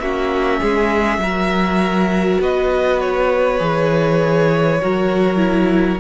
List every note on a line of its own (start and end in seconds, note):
0.00 0.60 A#3
0.00 1.22 C#4
0.00 0.60 F#4
0.00 2.41 E5
0.60 1.18 G#3
0.60 1.21 G#4
1.18 2.38 F#3
1.18 3.60 F#4
1.18 2.41 A#4
2.40 3.60 B3
2.40 4.81 B4
2.40 3.01 D#5
3.01 6.00 C#5
3.60 4.80 E3
3.60 4.79 G#4
4.81 6.00 F#3
4.81 5.37 F#4
4.81 6.00 A#4
5.37 5.97 E4